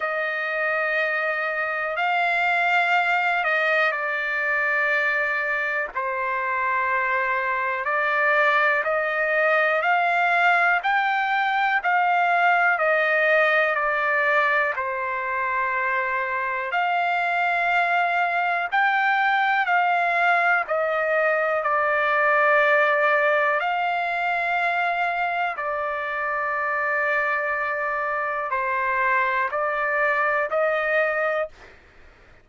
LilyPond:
\new Staff \with { instrumentName = "trumpet" } { \time 4/4 \tempo 4 = 61 dis''2 f''4. dis''8 | d''2 c''2 | d''4 dis''4 f''4 g''4 | f''4 dis''4 d''4 c''4~ |
c''4 f''2 g''4 | f''4 dis''4 d''2 | f''2 d''2~ | d''4 c''4 d''4 dis''4 | }